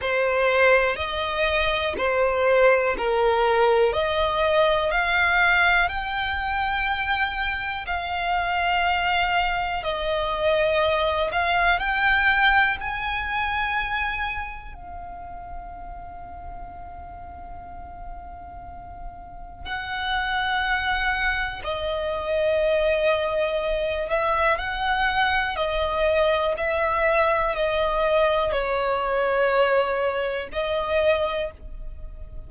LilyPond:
\new Staff \with { instrumentName = "violin" } { \time 4/4 \tempo 4 = 61 c''4 dis''4 c''4 ais'4 | dis''4 f''4 g''2 | f''2 dis''4. f''8 | g''4 gis''2 f''4~ |
f''1 | fis''2 dis''2~ | dis''8 e''8 fis''4 dis''4 e''4 | dis''4 cis''2 dis''4 | }